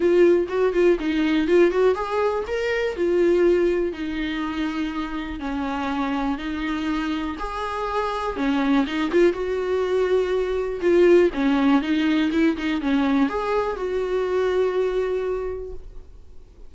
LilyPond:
\new Staff \with { instrumentName = "viola" } { \time 4/4 \tempo 4 = 122 f'4 fis'8 f'8 dis'4 f'8 fis'8 | gis'4 ais'4 f'2 | dis'2. cis'4~ | cis'4 dis'2 gis'4~ |
gis'4 cis'4 dis'8 f'8 fis'4~ | fis'2 f'4 cis'4 | dis'4 e'8 dis'8 cis'4 gis'4 | fis'1 | }